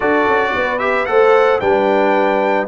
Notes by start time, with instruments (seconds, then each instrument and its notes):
0.00 tuba D4, trombone F#4, horn A4, trumpet D5
0.27 tuba C#4
0.55 tuba B3, horn B4
0.79 trombone G4, trumpet E5
1.05 tuba A3, trombone A4, horn C5, trumpet F#5
1.60 tuba G3, trombone D4, horn B4, trumpet G5